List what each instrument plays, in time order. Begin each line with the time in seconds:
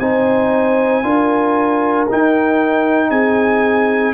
0.00 tuba C4, trombone D#4, horn C5, trumpet G#5
1.04 tuba D4, trombone F4, horn A#4
2.10 trombone D#4, tuba D#4, trumpet G5
3.11 tuba C4, horn G#4, trumpet G#5